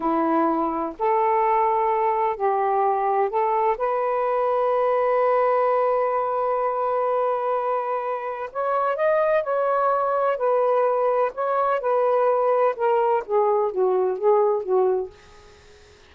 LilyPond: \new Staff \with { instrumentName = "saxophone" } { \time 4/4 \tempo 4 = 127 e'2 a'2~ | a'4 g'2 a'4 | b'1~ | b'1~ |
b'2 cis''4 dis''4 | cis''2 b'2 | cis''4 b'2 ais'4 | gis'4 fis'4 gis'4 fis'4 | }